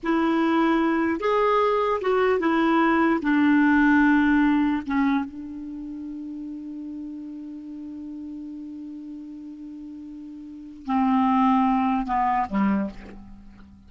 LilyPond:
\new Staff \with { instrumentName = "clarinet" } { \time 4/4 \tempo 4 = 149 e'2. gis'4~ | gis'4 fis'4 e'2 | d'1 | cis'4 d'2.~ |
d'1~ | d'1~ | d'2. c'4~ | c'2 b4 g4 | }